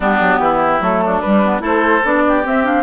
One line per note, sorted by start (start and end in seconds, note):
0.00 0.20 G3
0.00 0.80 B3
0.00 0.39 D4
0.00 0.83 G4
0.20 0.38 F#3
0.38 0.79 E3
0.38 1.04 E4
0.79 1.20 F#3
0.79 1.21 A3
0.79 1.20 A4
1.04 1.62 D4
1.20 1.44 G3
1.20 1.60 G3
1.20 1.61 B4
1.45 1.60 B3
1.60 2.01 A3
1.60 2.00 E4
1.60 2.23 A4
1.60 2.05 C5
2.04 2.44 B3
2.04 2.43 D4
2.04 2.46 D5
2.28 2.82 G4
2.43 2.63 C4
2.43 2.82 C4
2.43 2.65 E5
2.63 2.82 D4
2.63 2.82 F5